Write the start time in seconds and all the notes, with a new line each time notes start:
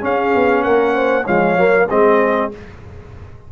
0.00 C#4 G#4 F5
0.35 B3
0.63 A#3 A#4 F#5
0.94 C5
1.23 F3 G#3 C#5 F5
1.57 F#3 A#3
1.90 G#3 C4 G#4 D#5